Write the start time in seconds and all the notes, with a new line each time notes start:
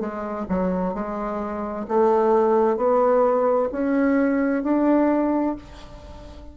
0.00 G#3
0.49 F#3
0.94 G#3
1.88 A3
2.77 B3
3.72 C#4
4.64 D4